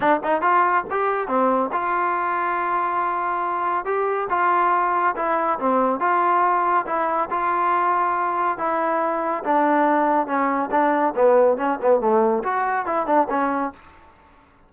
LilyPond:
\new Staff \with { instrumentName = "trombone" } { \time 4/4 \tempo 4 = 140 d'8 dis'8 f'4 g'4 c'4 | f'1~ | f'4 g'4 f'2 | e'4 c'4 f'2 |
e'4 f'2. | e'2 d'2 | cis'4 d'4 b4 cis'8 b8 | a4 fis'4 e'8 d'8 cis'4 | }